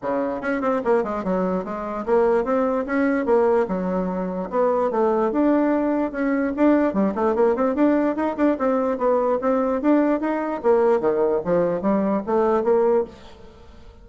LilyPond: \new Staff \with { instrumentName = "bassoon" } { \time 4/4 \tempo 4 = 147 cis4 cis'8 c'8 ais8 gis8 fis4 | gis4 ais4 c'4 cis'4 | ais4 fis2 b4 | a4 d'2 cis'4 |
d'4 g8 a8 ais8 c'8 d'4 | dis'8 d'8 c'4 b4 c'4 | d'4 dis'4 ais4 dis4 | f4 g4 a4 ais4 | }